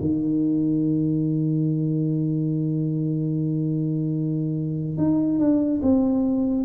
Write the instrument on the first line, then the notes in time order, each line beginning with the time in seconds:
tuba
0.00 D#3
4.97 D#4
5.39 D4
5.82 C4